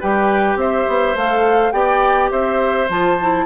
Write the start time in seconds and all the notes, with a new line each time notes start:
0.00 G3 G4 B4 G5
0.56 C4 C5 E5
0.88 B3
1.15 A3 A4 F5
1.72 B3 G4 D5 G5
2.31 C4 C5 E5
2.88 F3 F4 A5
3.21 E4